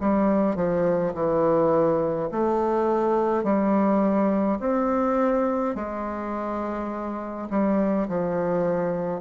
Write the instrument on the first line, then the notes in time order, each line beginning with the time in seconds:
bassoon
0.00 G3
0.56 F3
1.14 E3
2.32 A3
3.44 G3
4.60 C4
5.75 G#3
7.50 G3
8.09 F3